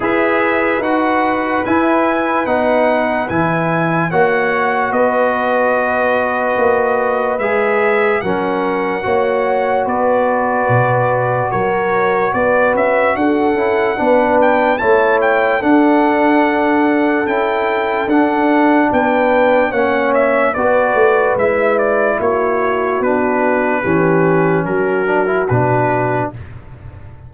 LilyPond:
<<
  \new Staff \with { instrumentName = "trumpet" } { \time 4/4 \tempo 4 = 73 e''4 fis''4 gis''4 fis''4 | gis''4 fis''4 dis''2~ | dis''4 e''4 fis''2 | d''2 cis''4 d''8 e''8 |
fis''4. g''8 a''8 g''8 fis''4~ | fis''4 g''4 fis''4 g''4 | fis''8 e''8 d''4 e''8 d''8 cis''4 | b'2 ais'4 b'4 | }
  \new Staff \with { instrumentName = "horn" } { \time 4/4 b'1~ | b'4 cis''4 b'2~ | b'2 ais'4 cis''4 | b'2 ais'4 b'4 |
a'4 b'4 cis''4 a'4~ | a'2. b'4 | cis''4 b'2 fis'4~ | fis'4 g'4 fis'2 | }
  \new Staff \with { instrumentName = "trombone" } { \time 4/4 gis'4 fis'4 e'4 dis'4 | e'4 fis'2.~ | fis'4 gis'4 cis'4 fis'4~ | fis'1~ |
fis'8 e'8 d'4 e'4 d'4~ | d'4 e'4 d'2 | cis'4 fis'4 e'2 | d'4 cis'4. d'16 e'16 d'4 | }
  \new Staff \with { instrumentName = "tuba" } { \time 4/4 e'4 dis'4 e'4 b4 | e4 ais4 b2 | ais4 gis4 fis4 ais4 | b4 b,4 fis4 b8 cis'8 |
d'8 cis'8 b4 a4 d'4~ | d'4 cis'4 d'4 b4 | ais4 b8 a8 gis4 ais4 | b4 e4 fis4 b,4 | }
>>